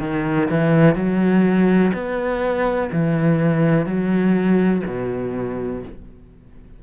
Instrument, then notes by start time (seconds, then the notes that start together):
cello
0.00 D#3
0.50 E3
0.95 F#3
1.94 B3
2.92 E3
3.86 F#3
4.86 B2